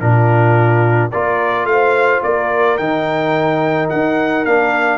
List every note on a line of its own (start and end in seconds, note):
0.00 1.12 A#2
0.00 1.12 D4
0.00 1.11 F4
0.00 1.11 A#4
1.11 1.65 A#3
1.11 2.79 F4
1.11 1.67 A#4
1.11 1.66 D5
1.65 2.21 A3
1.65 2.22 F5
1.71 2.25 C5
2.23 2.79 A#3
2.23 4.98 A#4
2.23 2.78 D5
2.78 3.90 D#3
2.78 4.46 D#4
2.78 3.89 G5
3.90 4.46 D#4
3.90 4.45 F#5
4.45 4.98 A#3
4.45 4.98 D4
4.45 4.98 F5